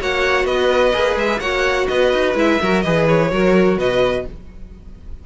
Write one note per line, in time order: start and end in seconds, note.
0.00 0.45 A#3
0.00 0.93 F#4
0.00 0.45 C#5
0.00 0.46 F#5
0.45 0.92 B3
0.45 1.39 B4
0.45 1.16 D#5
0.93 1.16 A#3
0.93 1.40 G#4
1.16 1.39 G#3
1.16 1.39 E5
1.39 1.87 A#3
1.39 2.35 F#4
1.39 1.87 C#5
1.39 1.87 F#5
1.87 2.12 B3
1.87 2.60 B4
1.87 2.34 D#5
2.12 2.34 D#4
2.34 2.58 G#3
2.34 2.59 E4
2.34 2.81 E5
2.60 2.84 F#3
2.60 2.84 F#4
2.60 2.83 A#4
2.81 3.31 E3
2.81 3.31 G#4
2.81 3.31 B4
2.81 3.05 D#5
3.08 3.78 C#5
3.31 3.76 F#3
3.31 4.25 F#4
3.31 3.78 A#4
3.76 4.24 B2
3.76 4.25 B4
3.76 4.26 D#5